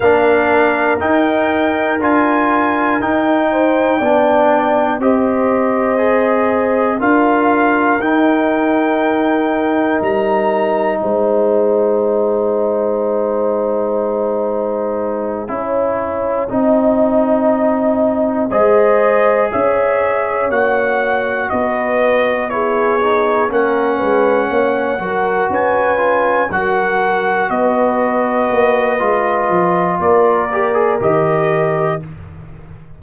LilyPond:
<<
  \new Staff \with { instrumentName = "trumpet" } { \time 4/4 \tempo 4 = 60 f''4 g''4 gis''4 g''4~ | g''4 dis''2 f''4 | g''2 ais''4 gis''4~ | gis''1~ |
gis''2~ gis''8 dis''4 e''8~ | e''8 fis''4 dis''4 cis''4 fis''8~ | fis''4. gis''4 fis''4 dis''8~ | dis''2 d''4 dis''4 | }
  \new Staff \with { instrumentName = "horn" } { \time 4/4 ais'2.~ ais'8 c''8 | d''4 c''2 ais'4~ | ais'2. c''4~ | c''2.~ c''8 cis''8~ |
cis''8 dis''2 c''4 cis''8~ | cis''4. b'4 gis'4 ais'8 | b'8 cis''8 ais'8 b'4 ais'4 b'8~ | b'2 ais'2 | }
  \new Staff \with { instrumentName = "trombone" } { \time 4/4 d'4 dis'4 f'4 dis'4 | d'4 g'4 gis'4 f'4 | dis'1~ | dis'2.~ dis'8 e'8~ |
e'8 dis'2 gis'4.~ | gis'8 fis'2 e'8 dis'8 cis'8~ | cis'4 fis'4 f'8 fis'4.~ | fis'4 f'4. g'16 gis'16 g'4 | }
  \new Staff \with { instrumentName = "tuba" } { \time 4/4 ais4 dis'4 d'4 dis'4 | b4 c'2 d'4 | dis'2 g4 gis4~ | gis2.~ gis8 cis'8~ |
cis'8 c'2 gis4 cis'8~ | cis'8 ais4 b2 ais8 | gis8 ais8 fis8 cis'4 fis4 b8~ | b8 ais8 gis8 f8 ais4 dis4 | }
>>